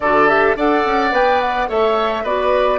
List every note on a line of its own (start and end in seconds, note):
0.00 0.55 D3
0.00 0.27 F#4
0.00 0.56 A4
0.00 0.28 D5
0.27 0.55 G4
0.27 0.56 E5
0.56 0.84 D4
0.56 1.11 A4
0.56 1.68 D5
0.56 1.14 F#5
0.85 1.12 C#4
1.11 1.68 B3
1.11 1.67 B4
1.11 1.41 G5
1.41 1.69 F#5
1.67 2.23 A3
1.67 2.23 A4
1.67 2.23 C#5
1.67 2.25 E5
2.23 2.79 B3
2.23 2.79 F#4
2.23 2.79 B4
2.23 2.79 D5